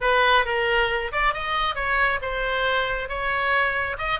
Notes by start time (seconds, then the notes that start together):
0.01 B4
0.45 A#4
1.12 D5
1.33 D#5
1.75 C#5
2.21 C5
3.08 C#5
3.97 D#5